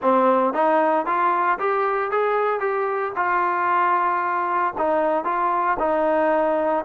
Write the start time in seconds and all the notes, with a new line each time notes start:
0.02 C4
0.53 D#4
1.06 F4
1.59 G4
2.11 G#4
2.60 G4
3.16 F4
4.78 D#4
5.24 F4
5.79 D#4